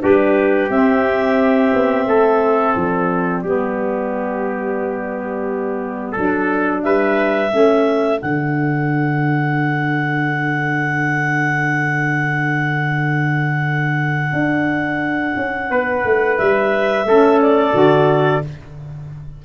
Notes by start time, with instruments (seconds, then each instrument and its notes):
0.00 tuba G3, saxophone D4, trumpet G4, clarinet B4
0.69 tuba C4, saxophone C4, clarinet E5
1.73 tuba B3
2.07 tuba A3, trumpet A4
2.75 tuba F3, clarinet D5
3.42 tuba G3, saxophone B3, trumpet G4
6.12 tuba F#3, saxophone D4, trumpet A4
6.83 tuba G3, trumpet B4, clarinet E5
7.50 tuba A3, saxophone C#4, trumpet A4
8.18 tuba D3, saxophone D4, clarinet F#5
14.33 tuba D4
15.36 tuba C#4
15.70 tuba B3, trumpet B4
16.04 tuba A3
16.38 tuba G3, clarinet E5
17.04 tuba A3, saxophone C#4, trumpet A4
17.41 clarinet D5
17.73 tuba D3, saxophone F#4